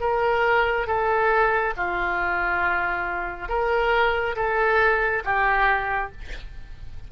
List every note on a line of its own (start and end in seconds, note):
0.00 0.87 A#4
0.87 1.74 A4
1.77 3.48 F4
3.48 4.35 A#4
4.36 5.23 A4
5.25 6.11 G4